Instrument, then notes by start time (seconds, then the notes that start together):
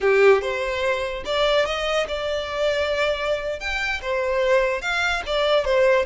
violin
0.01 G4
0.41 C5
1.25 D5
1.65 D#5
2.08 D5
3.59 G5
4.01 C5
4.81 F5
5.26 D5
5.64 C5